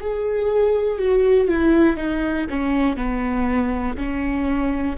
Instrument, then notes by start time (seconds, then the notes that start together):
viola
0.00 G#4
0.99 F#4
1.48 E4
1.97 D#4
2.50 C#4
2.97 B3
3.97 C#4